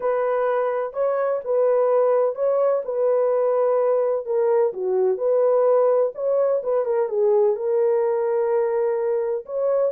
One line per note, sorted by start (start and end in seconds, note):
0.00 0.93 B4
0.93 1.40 C#5
1.44 2.35 B4
2.35 2.82 C#5
2.84 4.25 B4
4.25 4.72 A#4
4.73 5.17 F#4
5.17 6.12 B4
6.14 6.62 C#5
6.63 6.85 B4
6.85 7.08 A#4
7.08 7.56 G#4
7.56 9.45 A#4
9.45 9.92 C#5